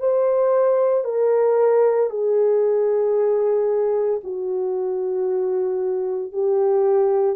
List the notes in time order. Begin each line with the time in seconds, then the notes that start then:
0.00 C5
1.05 A#4
2.11 G#4
4.24 F#4
6.33 G4